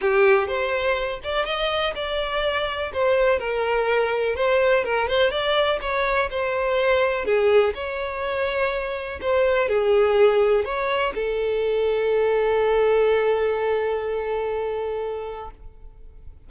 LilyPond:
\new Staff \with { instrumentName = "violin" } { \time 4/4 \tempo 4 = 124 g'4 c''4. d''8 dis''4 | d''2 c''4 ais'4~ | ais'4 c''4 ais'8 c''8 d''4 | cis''4 c''2 gis'4 |
cis''2. c''4 | gis'2 cis''4 a'4~ | a'1~ | a'1 | }